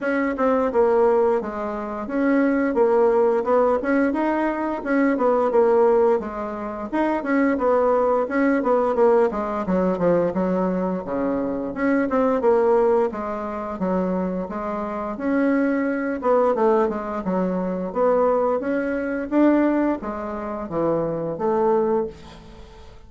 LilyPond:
\new Staff \with { instrumentName = "bassoon" } { \time 4/4 \tempo 4 = 87 cis'8 c'8 ais4 gis4 cis'4 | ais4 b8 cis'8 dis'4 cis'8 b8 | ais4 gis4 dis'8 cis'8 b4 | cis'8 b8 ais8 gis8 fis8 f8 fis4 |
cis4 cis'8 c'8 ais4 gis4 | fis4 gis4 cis'4. b8 | a8 gis8 fis4 b4 cis'4 | d'4 gis4 e4 a4 | }